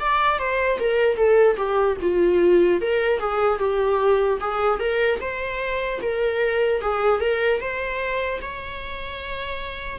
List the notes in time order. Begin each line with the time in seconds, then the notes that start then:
0.00 D5
0.39 C5
0.80 A#4
1.17 A4
1.57 G4
2.01 F4
2.82 A#4
3.19 G#4
3.59 G4
4.41 G#4
4.80 A#4
5.21 C5
6.02 A#4
6.82 G#4
7.21 A#4
7.61 C5
8.42 C#5